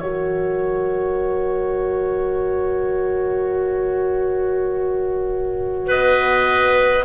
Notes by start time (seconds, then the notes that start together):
0.00 F#3 F#4 A#4 C#5
5.87 B3 B4 D#5